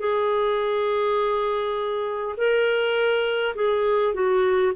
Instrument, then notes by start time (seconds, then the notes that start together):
clarinet
0.00 G#4
2.37 A#4
3.56 G#4
4.14 F#4